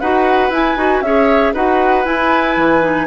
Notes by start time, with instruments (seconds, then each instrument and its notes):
0.00 bassoon D#4, clarinet F#4, oboe B4, flute F#5
0.50 bassoon E4, clarinet E4, flute G#5
0.76 bassoon D#4, clarinet F#4
1.02 bassoon C#4, clarinet G#4, oboe C#5, flute E5
1.53 bassoon D#4, clarinet F#4, oboe B4, flute F#5
2.05 clarinet E4, bassoon E4, flute G#5
2.57 bassoon E3
2.81 clarinet D#4